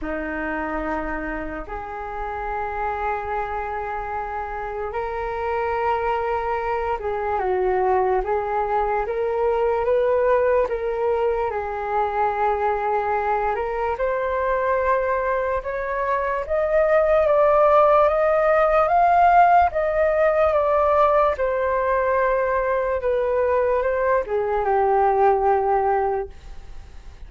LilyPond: \new Staff \with { instrumentName = "flute" } { \time 4/4 \tempo 4 = 73 dis'2 gis'2~ | gis'2 ais'2~ | ais'8 gis'8 fis'4 gis'4 ais'4 | b'4 ais'4 gis'2~ |
gis'8 ais'8 c''2 cis''4 | dis''4 d''4 dis''4 f''4 | dis''4 d''4 c''2 | b'4 c''8 gis'8 g'2 | }